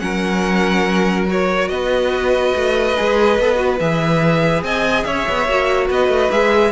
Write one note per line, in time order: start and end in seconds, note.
0.00 1.69 F#3
0.00 1.26 C#4
0.00 1.71 A#4
0.00 1.26 F#5
1.27 2.95 F#4
1.27 1.69 C#5
1.69 2.54 B3
1.69 4.65 B4
1.69 3.78 D#5
2.56 2.98 A3
2.97 3.39 G#3
2.97 3.39 G#4
3.39 3.80 B3
3.39 3.56 A4
3.56 3.77 F#4
3.80 4.63 E3
3.80 5.49 G#4
3.80 4.64 E5
4.63 5.05 C4
4.63 5.06 D#5
4.63 5.04 G#5
5.04 5.27 C#4
5.04 5.88 C#5
5.04 5.88 E5
5.29 5.48 B3
5.48 5.90 A#3
5.48 6.32 F#4
5.88 6.08 B3
5.88 6.72 B4
5.88 6.31 D#5
6.08 6.29 A3
6.31 6.73 G#3
6.31 6.73 G#4
6.31 6.73 E5